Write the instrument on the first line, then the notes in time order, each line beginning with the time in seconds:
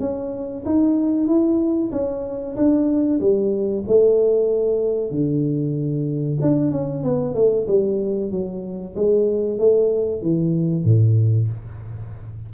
tuba
0.00 C#4
0.66 D#4
1.27 E4
1.92 C#4
2.56 D4
3.20 G3
3.88 A3
5.11 D3
6.42 D4
6.72 C#4
7.04 B3
7.35 A3
7.67 G3
8.31 F#3
8.95 G#3
9.59 A3
10.22 E3
10.85 A2